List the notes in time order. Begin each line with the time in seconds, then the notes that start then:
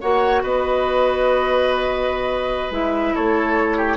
0.00 A#3 F#4 C#5 F#5
0.42 B3 B4 D#5
2.70 G#3 E4 E5
3.14 A3 A4 C#5
3.77 G4